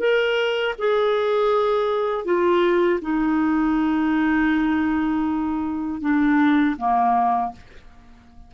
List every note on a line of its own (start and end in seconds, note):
0.00 0.75 A#4
0.79 2.25 G#4
2.25 3.00 F4
3.01 6.01 D#4
6.01 6.76 D4
6.77 7.52 A#3